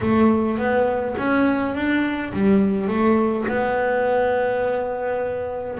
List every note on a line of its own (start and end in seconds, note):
0.01 0.58 A3
0.58 1.15 B3
1.18 1.74 C#4
1.74 2.32 D4
2.33 2.87 G3
2.87 3.45 A3
3.48 5.78 B3